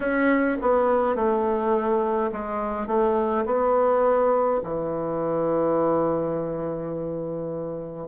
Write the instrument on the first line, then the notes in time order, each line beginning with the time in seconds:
bassoon
0.00 C#4
0.61 B3
1.15 A3
2.31 G#3
2.87 A3
3.45 B3
4.63 E3